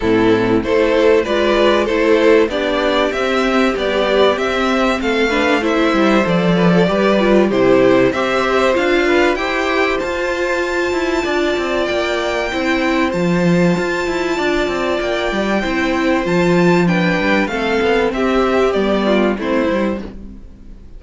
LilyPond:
<<
  \new Staff \with { instrumentName = "violin" } { \time 4/4 \tempo 4 = 96 a'4 c''4 d''4 c''4 | d''4 e''4 d''4 e''4 | f''4 e''4 d''2 | c''4 e''4 f''4 g''4 |
a''2. g''4~ | g''4 a''2. | g''2 a''4 g''4 | f''4 e''4 d''4 c''4 | }
  \new Staff \with { instrumentName = "violin" } { \time 4/4 e'4 a'4 b'4 a'4 | g'1 | a'8 b'8 c''4. b'16 a'16 b'4 | g'4 c''4. b'8 c''4~ |
c''2 d''2 | c''2. d''4~ | d''4 c''2 b'4 | a'4 g'4. f'8 e'4 | }
  \new Staff \with { instrumentName = "viola" } { \time 4/4 c'4 e'4 f'4 e'4 | d'4 c'4 g4 c'4~ | c'8 d'8 e'4 a'4 g'8 f'8 | e'4 g'4 f'4 g'4 |
f'1 | e'4 f'2.~ | f'4 e'4 f'4 d'4 | c'2 b4 c'8 e'8 | }
  \new Staff \with { instrumentName = "cello" } { \time 4/4 a,4 a4 gis4 a4 | b4 c'4 b4 c'4 | a4. g8 f4 g4 | c4 c'4 d'4 e'4 |
f'4. e'8 d'8 c'8 ais4 | c'4 f4 f'8 e'8 d'8 c'8 | ais8 g8 c'4 f4. g8 | a8 b8 c'4 g4 a8 g8 | }
>>